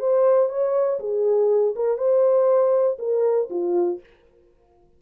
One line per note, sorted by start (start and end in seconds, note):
0.00 0.50 C5
0.50 1.00 C#5
1.00 1.75 G#4
1.76 1.98 A#4
1.98 2.98 C5
2.99 3.49 A#4
3.50 4.00 F4